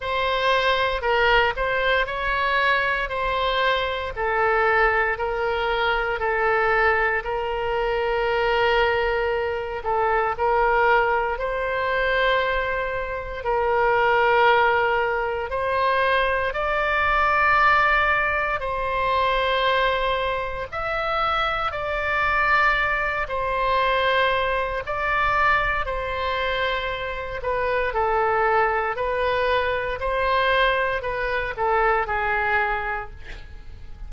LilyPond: \new Staff \with { instrumentName = "oboe" } { \time 4/4 \tempo 4 = 58 c''4 ais'8 c''8 cis''4 c''4 | a'4 ais'4 a'4 ais'4~ | ais'4. a'8 ais'4 c''4~ | c''4 ais'2 c''4 |
d''2 c''2 | e''4 d''4. c''4. | d''4 c''4. b'8 a'4 | b'4 c''4 b'8 a'8 gis'4 | }